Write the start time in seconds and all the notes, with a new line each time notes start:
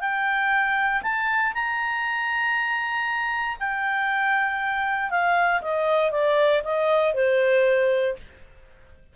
0.00 G5
1.02 A5
1.54 A#5
3.59 G5
5.10 F5
5.61 D#5
6.11 D5
6.63 D#5
7.14 C5